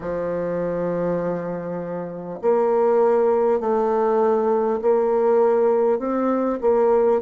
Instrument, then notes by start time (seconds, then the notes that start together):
bassoon
0.00 F3
2.41 A#3
3.59 A3
4.81 A#3
5.98 C4
6.61 A#3